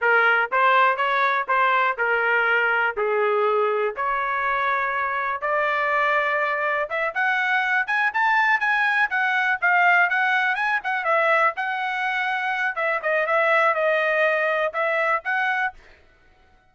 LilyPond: \new Staff \with { instrumentName = "trumpet" } { \time 4/4 \tempo 4 = 122 ais'4 c''4 cis''4 c''4 | ais'2 gis'2 | cis''2. d''4~ | d''2 e''8 fis''4. |
gis''8 a''4 gis''4 fis''4 f''8~ | f''8 fis''4 gis''8 fis''8 e''4 fis''8~ | fis''2 e''8 dis''8 e''4 | dis''2 e''4 fis''4 | }